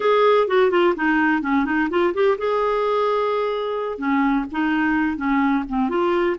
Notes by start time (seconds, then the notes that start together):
0.00 G#4
0.47 F#4
0.70 F4
0.96 D#4
1.42 C#4
1.65 D#4
1.90 F4
2.14 G4
2.38 G#4
3.98 C#4
4.51 D#4
5.16 C#4
5.68 C4
5.89 F4